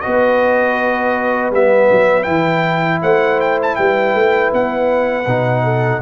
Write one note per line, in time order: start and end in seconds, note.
0.00 1.51 B3
0.00 1.53 F#4
0.00 3.02 B4
0.00 1.50 D#5
1.51 1.88 G3
1.51 2.23 B3
1.51 2.23 E5
1.90 2.27 F#3
2.23 3.02 E3
2.23 5.23 E4
2.23 2.98 G5
3.02 3.77 A3
3.02 3.77 C5
3.02 3.40 F#5
3.40 3.59 G5
3.62 3.75 A5
3.75 4.14 G3
3.75 5.64 B4
3.75 4.50 G5
4.14 4.51 A3
4.53 5.26 B3
4.53 6.02 F#5
5.26 6.01 B2
5.26 6.02 D#4
5.64 6.01 A4